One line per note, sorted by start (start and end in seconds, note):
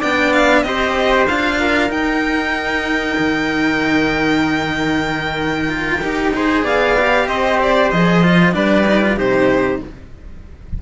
0.00 0.63 B3
0.00 0.65 D4
0.00 0.63 D5
0.00 0.34 G5
0.34 0.63 F5
0.63 1.26 C4
0.63 1.28 G4
0.63 1.61 C5
0.63 1.27 D#5
1.28 1.90 D4
1.28 1.91 F4
1.28 1.91 F5
1.61 6.34 A#4
1.90 3.16 D#4
1.90 5.69 D#4
1.90 6.65 G5
3.19 6.03 D#3
5.69 6.00 F4
6.02 6.64 D#4
6.02 6.33 G4
6.34 6.97 G#4
6.34 6.64 C5
6.64 7.27 B3
6.64 7.27 D5
6.64 7.28 F5
6.99 7.94 G4
7.28 7.91 C4
7.28 8.55 C5
7.28 7.60 D#5
7.62 7.91 D5
7.91 8.55 F3
7.91 8.23 G#4
7.91 8.54 D#5
8.23 8.53 F4
8.53 9.17 G3
8.53 8.84 D4
8.53 9.18 B4
8.53 9.19 D5
8.87 9.02 D#4
9.02 9.17 F4
9.17 9.80 C3
9.17 9.80 D#4
9.17 9.82 G4
9.17 9.82 C5